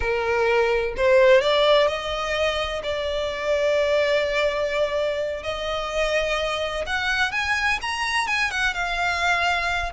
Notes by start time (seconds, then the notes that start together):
0.00 A#4
0.96 C5
1.41 D5
1.87 D#5
2.83 D5
5.43 D#5
6.86 F#5
7.31 G#5
7.81 A#5
8.27 G#5
8.50 F#5
8.74 F5